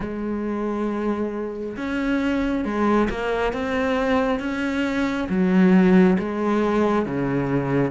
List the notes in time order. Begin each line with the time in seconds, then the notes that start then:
0.00 G#3
1.76 C#4
2.64 G#3
3.10 A#3
3.52 C4
4.39 C#4
5.29 F#3
6.18 G#3
7.05 C#3